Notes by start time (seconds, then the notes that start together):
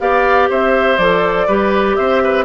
0.00 B3 G4 D5 F5
0.50 C4 C5 E5
0.98 F3 A4 D5
1.48 G3 G4 B4
1.96 C4 C5 E5
2.24 B4